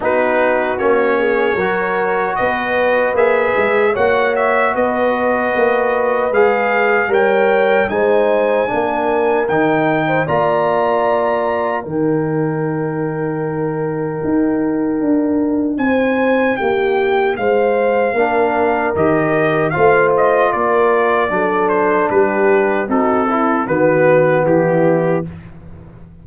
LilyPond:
<<
  \new Staff \with { instrumentName = "trumpet" } { \time 4/4 \tempo 4 = 76 b'4 cis''2 dis''4 | e''4 fis''8 e''8 dis''2 | f''4 g''4 gis''2 | g''4 ais''2 g''4~ |
g''1 | gis''4 g''4 f''2 | dis''4 f''8 dis''8 d''4. c''8 | b'4 a'4 b'4 g'4 | }
  \new Staff \with { instrumentName = "horn" } { \time 4/4 fis'4. gis'8 ais'4 b'4~ | b'4 cis''4 b'2~ | b'4 cis''4 c''4 ais'4~ | ais'8. c''16 d''2 ais'4~ |
ais'1 | c''4 g'4 c''4 ais'4~ | ais'4 c''4 ais'4 a'4 | g'4 fis'8 e'8 fis'4 e'4 | }
  \new Staff \with { instrumentName = "trombone" } { \time 4/4 dis'4 cis'4 fis'2 | gis'4 fis'2. | gis'4 ais'4 dis'4 d'4 | dis'4 f'2 dis'4~ |
dis'1~ | dis'2. d'4 | g'4 f'2 d'4~ | d'4 dis'8 e'8 b2 | }
  \new Staff \with { instrumentName = "tuba" } { \time 4/4 b4 ais4 fis4 b4 | ais8 gis8 ais4 b4 ais4 | gis4 g4 gis4 ais4 | dis4 ais2 dis4~ |
dis2 dis'4 d'4 | c'4 ais4 gis4 ais4 | dis4 a4 ais4 fis4 | g4 c'4 dis4 e4 | }
>>